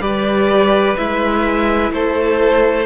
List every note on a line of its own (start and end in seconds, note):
0.00 0.95 G3
0.00 0.96 G4
0.00 1.92 B4
0.00 0.97 D5
0.97 1.91 G#3
0.97 2.86 E4
0.97 1.92 E5
1.91 2.86 A3
1.91 2.86 A4
1.91 2.86 C5